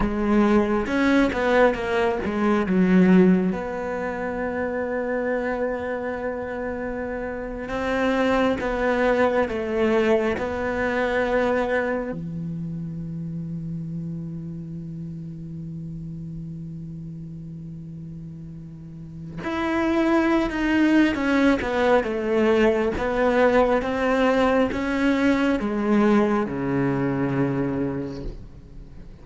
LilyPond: \new Staff \with { instrumentName = "cello" } { \time 4/4 \tempo 4 = 68 gis4 cis'8 b8 ais8 gis8 fis4 | b1~ | b8. c'4 b4 a4 b16~ | b4.~ b16 e2~ e16~ |
e1~ | e2 e'4~ e'16 dis'8. | cis'8 b8 a4 b4 c'4 | cis'4 gis4 cis2 | }